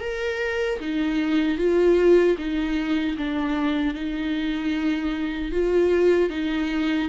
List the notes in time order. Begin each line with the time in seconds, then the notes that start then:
0.00 A#4
0.80 D#4
1.58 F4
2.37 D#4
3.17 D4
3.94 D#4
5.52 F4
6.29 D#4